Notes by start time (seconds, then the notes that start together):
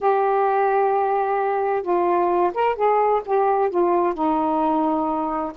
0.01 G4
1.82 F4
2.54 A#4
2.75 G#4
3.25 G4
3.69 F4
4.14 D#4